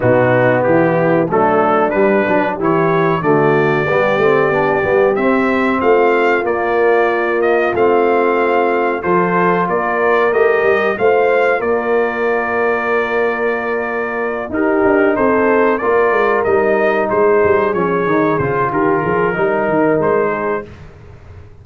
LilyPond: <<
  \new Staff \with { instrumentName = "trumpet" } { \time 4/4 \tempo 4 = 93 fis'4 g'4 a'4 b'4 | cis''4 d''2. | e''4 f''4 d''4. dis''8 | f''2 c''4 d''4 |
dis''4 f''4 d''2~ | d''2~ d''8 ais'4 c''8~ | c''8 d''4 dis''4 c''4 cis''8~ | cis''8 c''8 ais'2 c''4 | }
  \new Staff \with { instrumentName = "horn" } { \time 4/4 dis'4 e'4 d'2 | g'4 fis'4 g'2~ | g'4 f'2.~ | f'2 a'4 ais'4~ |
ais'4 c''4 ais'2~ | ais'2~ ais'8 g'4 a'8~ | a'8 ais'2 gis'4.~ | gis'4 g'8 gis'8 ais'4. gis'8 | }
  \new Staff \with { instrumentName = "trombone" } { \time 4/4 b2 a4 g8 d'8 | e'4 a4 b8 c'8 d'8 b8 | c'2 ais2 | c'2 f'2 |
g'4 f'2.~ | f'2~ f'8 dis'4.~ | dis'8 f'4 dis'2 cis'8 | dis'8 f'4. dis'2 | }
  \new Staff \with { instrumentName = "tuba" } { \time 4/4 b,4 e4 fis4 g8 fis8 | e4 d4 g8 a8 b8 g8 | c'4 a4 ais2 | a2 f4 ais4 |
a8 g8 a4 ais2~ | ais2~ ais8 dis'8 d'8 c'8~ | c'8 ais8 gis8 g4 gis8 g8 f8 | dis8 cis8 dis8 f8 g8 dis8 gis4 | }
>>